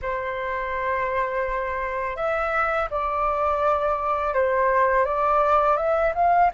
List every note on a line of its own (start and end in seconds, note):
0.02 2.16 C5
2.16 2.88 E5
2.90 4.34 D5
4.34 5.05 C5
5.05 5.76 D5
5.76 6.12 E5
6.14 6.51 F5